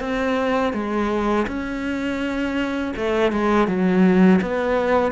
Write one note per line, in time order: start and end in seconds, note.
0.00 0.73 C4
0.73 1.46 G#3
1.47 2.93 C#4
2.96 3.32 A3
3.32 3.68 G#3
3.68 4.41 F#3
4.42 5.12 B3